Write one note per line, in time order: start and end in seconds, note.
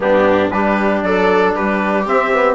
0.00 0.52 G2
0.00 0.50 B3
0.00 0.54 D4
0.00 0.50 G4
0.50 1.02 G3
0.50 2.06 D4
0.50 1.05 G4
0.50 1.02 B4
1.02 1.54 F#3
1.02 1.55 A4
1.02 1.54 D5
1.55 2.08 G3
1.55 2.54 G4
1.55 2.07 B4
2.06 2.32 C4
2.06 2.54 C4
2.06 2.54 E5
2.33 2.54 B3